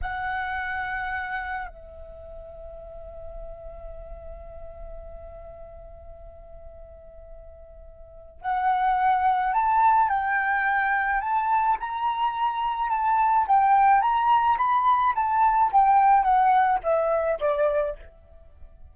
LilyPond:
\new Staff \with { instrumentName = "flute" } { \time 4/4 \tempo 4 = 107 fis''2. e''4~ | e''1~ | e''1~ | e''2. fis''4~ |
fis''4 a''4 g''2 | a''4 ais''2 a''4 | g''4 ais''4 b''4 a''4 | g''4 fis''4 e''4 d''4 | }